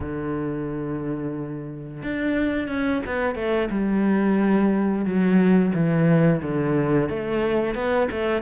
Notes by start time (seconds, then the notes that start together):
0.00 D3
2.02 D4
2.68 C#4
3.06 B3
3.35 A3
3.70 G3
5.05 F#3
5.74 E3
6.42 D3
7.09 A3
7.74 B3
8.11 A3